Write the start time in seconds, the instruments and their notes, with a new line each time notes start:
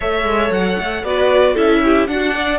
0.00 cello A3, viola A4, violin C#5 E5
0.24 cello G#3
0.51 cello F#3, violin F#5
0.78 cello A3
1.03 cello B3, viola F#4, violin B4 D5
1.53 cello C#4, viola E4, violin A4 E5
1.84 violin G4
2.07 cello D4, viola D4, violin F#4 F#5
2.34 violin D5